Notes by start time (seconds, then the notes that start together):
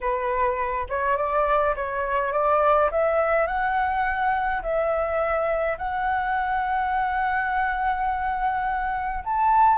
0.00 B4
0.89 C#5
1.17 D5
1.75 C#5
2.32 D5
2.91 E5
3.46 F#5
4.62 E5
5.77 F#5
9.24 A5